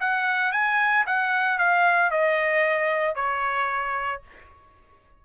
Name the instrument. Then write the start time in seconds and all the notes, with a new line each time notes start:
trumpet
0.00 F#5
0.52 G#5
1.06 F#5
1.58 F5
2.11 D#5
3.15 C#5